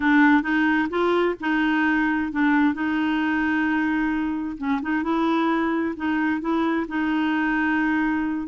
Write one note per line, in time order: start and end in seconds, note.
0.00 0.42 D4
0.42 0.88 D#4
0.89 1.35 F4
1.40 2.32 D#4
2.32 2.74 D4
2.74 4.57 D#4
4.57 4.80 C#4
4.82 5.03 D#4
5.03 5.94 E4
5.96 6.40 D#4
6.40 6.86 E4
6.88 8.47 D#4